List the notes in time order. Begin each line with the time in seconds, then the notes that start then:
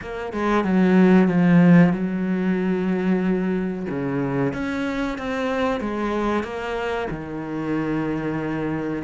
0.01 A#3
0.32 G#3
0.64 F#3
1.28 F3
1.92 F#3
3.89 C#3
4.53 C#4
5.18 C4
5.80 G#3
6.43 A#3
7.10 D#3